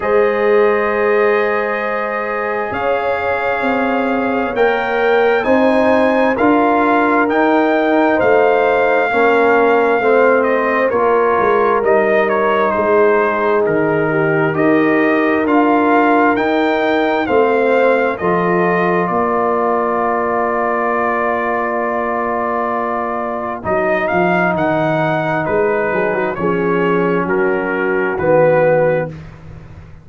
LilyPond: <<
  \new Staff \with { instrumentName = "trumpet" } { \time 4/4 \tempo 4 = 66 dis''2. f''4~ | f''4 g''4 gis''4 f''4 | g''4 f''2~ f''8 dis''8 | cis''4 dis''8 cis''8 c''4 ais'4 |
dis''4 f''4 g''4 f''4 | dis''4 d''2.~ | d''2 dis''8 f''8 fis''4 | b'4 cis''4 ais'4 b'4 | }
  \new Staff \with { instrumentName = "horn" } { \time 4/4 c''2. cis''4~ | cis''2 c''4 ais'4~ | ais'4 c''4 ais'4 c''4 | ais'2 gis'4. g'8 |
ais'2. c''4 | a'4 ais'2.~ | ais'1~ | ais'8 gis'16 fis'16 gis'4 fis'2 | }
  \new Staff \with { instrumentName = "trombone" } { \time 4/4 gis'1~ | gis'4 ais'4 dis'4 f'4 | dis'2 cis'4 c'4 | f'4 dis'2. |
g'4 f'4 dis'4 c'4 | f'1~ | f'2 dis'2~ | dis'4 cis'2 b4 | }
  \new Staff \with { instrumentName = "tuba" } { \time 4/4 gis2. cis'4 | c'4 ais4 c'4 d'4 | dis'4 a4 ais4 a4 | ais8 gis8 g4 gis4 dis4 |
dis'4 d'4 dis'4 a4 | f4 ais2.~ | ais2 fis8 f8 dis4 | gis8 fis8 f4 fis4 dis4 | }
>>